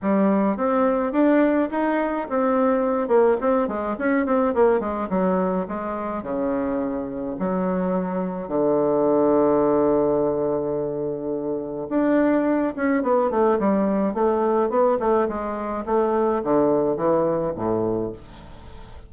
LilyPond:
\new Staff \with { instrumentName = "bassoon" } { \time 4/4 \tempo 4 = 106 g4 c'4 d'4 dis'4 | c'4. ais8 c'8 gis8 cis'8 c'8 | ais8 gis8 fis4 gis4 cis4~ | cis4 fis2 d4~ |
d1~ | d4 d'4. cis'8 b8 a8 | g4 a4 b8 a8 gis4 | a4 d4 e4 a,4 | }